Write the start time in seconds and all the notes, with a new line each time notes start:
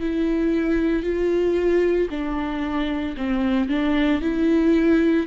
0.00 E4
1.03 F4
2.10 D4
3.17 C4
3.68 D4
4.21 E4